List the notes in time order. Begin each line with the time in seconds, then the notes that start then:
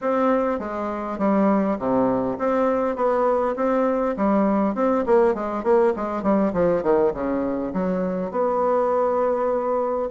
0.01 C4
0.59 G#3
1.18 G3
1.78 C3
2.38 C4
2.95 B3
3.56 C4
4.17 G3
4.74 C4
5.06 A#3
5.34 G#3
5.63 A#3
5.95 G#3
6.22 G3
6.53 F3
6.82 D#3
7.13 C#3
7.73 F#3
8.31 B3